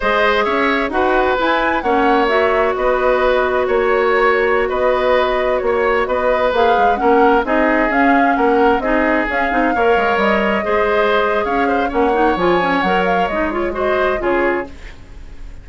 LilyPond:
<<
  \new Staff \with { instrumentName = "flute" } { \time 4/4 \tempo 4 = 131 dis''4 e''4 fis''4 gis''4 | fis''4 e''4 dis''2 | cis''2~ cis''16 dis''4.~ dis''16~ | dis''16 cis''4 dis''4 f''4 fis''8.~ |
fis''16 dis''4 f''4 fis''4 dis''8.~ | dis''16 f''2 dis''4.~ dis''16~ | dis''4 f''4 fis''4 gis''4 | fis''8 f''8 dis''8 cis''8 dis''4 cis''4 | }
  \new Staff \with { instrumentName = "oboe" } { \time 4/4 c''4 cis''4 b'2 | cis''2 b'2 | cis''2~ cis''16 b'4.~ b'16~ | b'16 cis''4 b'2 ais'8.~ |
ais'16 gis'2 ais'4 gis'8.~ | gis'4~ gis'16 cis''2 c''8.~ | c''4 cis''8 c''8 cis''2~ | cis''2 c''4 gis'4 | }
  \new Staff \with { instrumentName = "clarinet" } { \time 4/4 gis'2 fis'4 e'4 | cis'4 fis'2.~ | fis'1~ | fis'2~ fis'16 gis'4 cis'8.~ |
cis'16 dis'4 cis'2 dis'8.~ | dis'16 cis'8 dis'8 ais'2 gis'8.~ | gis'2 cis'8 dis'8 f'8 cis'8 | ais'4 dis'8 f'8 fis'4 f'4 | }
  \new Staff \with { instrumentName = "bassoon" } { \time 4/4 gis4 cis'4 dis'4 e'4 | ais2 b2 | ais2~ ais16 b4.~ b16~ | b16 ais4 b4 ais8 gis8 ais8.~ |
ais16 c'4 cis'4 ais4 c'8.~ | c'16 cis'8 c'8 ais8 gis8 g4 gis8.~ | gis4 cis'4 ais4 f4 | fis4 gis2 cis4 | }
>>